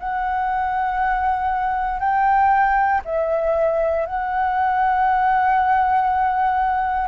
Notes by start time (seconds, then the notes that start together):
0.00 F#5
2.00 G5
3.05 E5
4.06 F#5